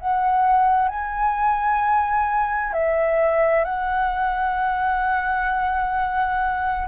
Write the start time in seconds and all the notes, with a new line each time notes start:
0.00 F#5
0.89 G#5
2.74 E5
3.65 F#5